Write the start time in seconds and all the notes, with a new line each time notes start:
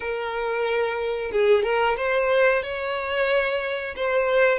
0.00 A#4
1.31 G#4
1.63 A#4
1.96 C5
2.62 C#5
3.96 C5